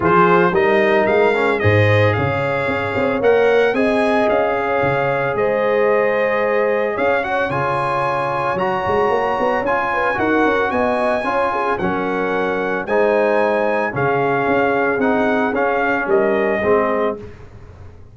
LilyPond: <<
  \new Staff \with { instrumentName = "trumpet" } { \time 4/4 \tempo 4 = 112 c''4 dis''4 f''4 dis''4 | f''2 fis''4 gis''4 | f''2 dis''2~ | dis''4 f''8 fis''8 gis''2 |
ais''2 gis''4 fis''4 | gis''2 fis''2 | gis''2 f''2 | fis''4 f''4 dis''2 | }
  \new Staff \with { instrumentName = "horn" } { \time 4/4 gis'4 ais'2 c''4 | cis''2. dis''4~ | dis''8 cis''4. c''2~ | c''4 cis''2.~ |
cis''2~ cis''8 b'8 ais'4 | dis''4 cis''8 gis'8 ais'2 | c''2 gis'2~ | gis'2 ais'4 gis'4 | }
  \new Staff \with { instrumentName = "trombone" } { \time 4/4 f'4 dis'4. cis'8 gis'4~ | gis'2 ais'4 gis'4~ | gis'1~ | gis'4. fis'8 f'2 |
fis'2 f'4 fis'4~ | fis'4 f'4 cis'2 | dis'2 cis'2 | dis'4 cis'2 c'4 | }
  \new Staff \with { instrumentName = "tuba" } { \time 4/4 f4 g4 gis4 gis,4 | cis4 cis'8 c'8 ais4 c'4 | cis'4 cis4 gis2~ | gis4 cis'4 cis2 |
fis8 gis8 ais8 b8 cis'4 dis'8 cis'8 | b4 cis'4 fis2 | gis2 cis4 cis'4 | c'4 cis'4 g4 gis4 | }
>>